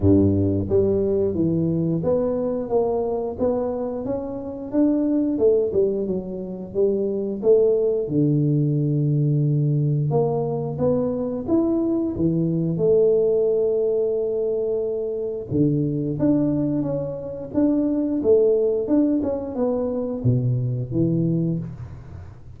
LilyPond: \new Staff \with { instrumentName = "tuba" } { \time 4/4 \tempo 4 = 89 g,4 g4 e4 b4 | ais4 b4 cis'4 d'4 | a8 g8 fis4 g4 a4 | d2. ais4 |
b4 e'4 e4 a4~ | a2. d4 | d'4 cis'4 d'4 a4 | d'8 cis'8 b4 b,4 e4 | }